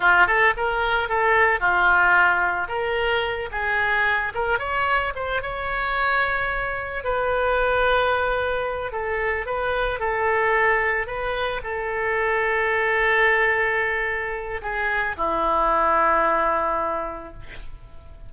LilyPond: \new Staff \with { instrumentName = "oboe" } { \time 4/4 \tempo 4 = 111 f'8 a'8 ais'4 a'4 f'4~ | f'4 ais'4. gis'4. | ais'8 cis''4 c''8 cis''2~ | cis''4 b'2.~ |
b'8 a'4 b'4 a'4.~ | a'8 b'4 a'2~ a'8~ | a'2. gis'4 | e'1 | }